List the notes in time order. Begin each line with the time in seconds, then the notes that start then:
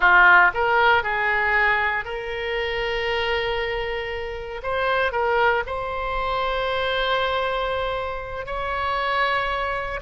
0.00 F4
0.53 A#4
1.03 G#4
2.05 A#4
4.62 C5
5.12 A#4
5.66 C5
8.46 C#5